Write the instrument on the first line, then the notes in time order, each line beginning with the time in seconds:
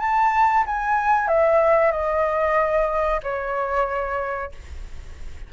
flute
0.00 A5
0.67 G#5
1.28 E5
1.92 D#5
3.23 C#5